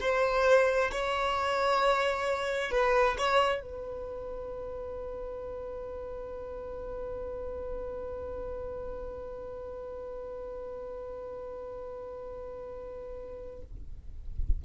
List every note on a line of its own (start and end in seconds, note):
0.00 0.91 C5
0.91 2.71 C#5
2.71 3.17 B4
3.18 3.62 C#5
3.62 13.62 B4